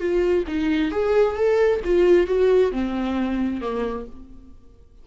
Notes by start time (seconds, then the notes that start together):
0.00 F4
0.48 D#4
0.92 G#4
1.36 A4
1.85 F4
2.28 F#4
2.72 C4
3.61 A#3